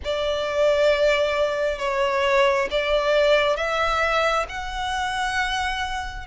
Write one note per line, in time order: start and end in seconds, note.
0.04 1.79 D5
1.79 2.68 C#5
2.71 3.56 D5
3.56 4.46 E5
4.48 6.27 F#5